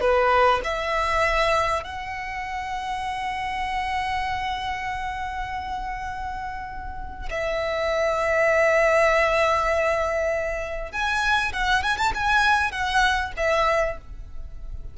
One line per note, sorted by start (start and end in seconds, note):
0.00 0.61 B4
0.64 1.83 E5
1.83 7.29 F#5
7.30 10.92 E5
10.92 11.52 G#5
11.53 11.83 F#5
11.83 11.97 G#5
11.97 12.12 A5
12.14 12.71 G#5
12.71 13.32 F#5
13.37 13.97 E5